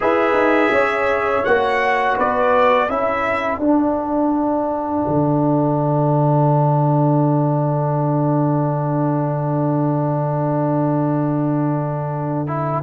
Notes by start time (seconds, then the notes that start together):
0.00 E4 G#4 B4 E5
0.33 D#4
0.70 C#4 C#5
1.44 A#3 F#4 F#5
2.17 B3 B4 D5
2.88 C#4 E4 A4 E5
3.58 D4 F#5
5.07 D3
12.47 E4